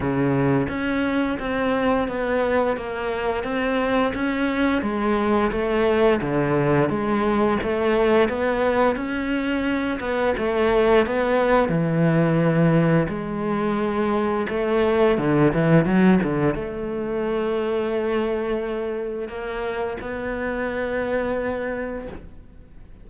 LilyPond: \new Staff \with { instrumentName = "cello" } { \time 4/4 \tempo 4 = 87 cis4 cis'4 c'4 b4 | ais4 c'4 cis'4 gis4 | a4 d4 gis4 a4 | b4 cis'4. b8 a4 |
b4 e2 gis4~ | gis4 a4 d8 e8 fis8 d8 | a1 | ais4 b2. | }